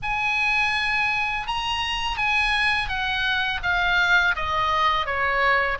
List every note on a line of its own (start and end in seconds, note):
0.02 1.47 G#5
1.47 2.17 A#5
2.17 2.88 G#5
2.88 3.60 F#5
3.62 4.35 F5
4.35 5.05 D#5
5.05 5.78 C#5